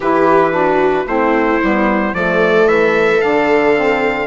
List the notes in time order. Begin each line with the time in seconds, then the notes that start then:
0.00 E3 E4 G4 B4
0.51 D4 F#4
1.06 A3 C4 E4 C5
1.62 G3 B3
2.13 F3 A3 A4 D5
2.66 E3 E5
3.20 D3 D4 F5
3.74 C4